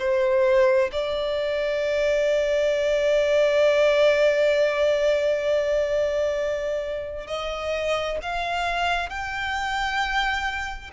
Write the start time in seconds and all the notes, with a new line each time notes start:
0.00 C5
0.93 D5
7.28 D#5
8.22 F5
9.10 G5